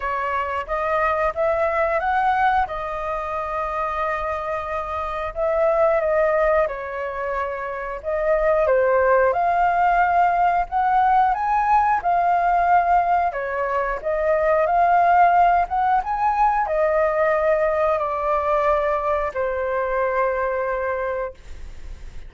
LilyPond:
\new Staff \with { instrumentName = "flute" } { \time 4/4 \tempo 4 = 90 cis''4 dis''4 e''4 fis''4 | dis''1 | e''4 dis''4 cis''2 | dis''4 c''4 f''2 |
fis''4 gis''4 f''2 | cis''4 dis''4 f''4. fis''8 | gis''4 dis''2 d''4~ | d''4 c''2. | }